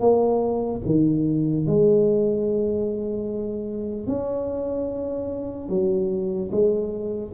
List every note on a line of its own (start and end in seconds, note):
0.00 0.81 A#3
0.85 1.66 D#3
1.66 4.07 G#3
4.07 5.69 C#4
5.69 6.50 F#3
6.51 7.32 G#3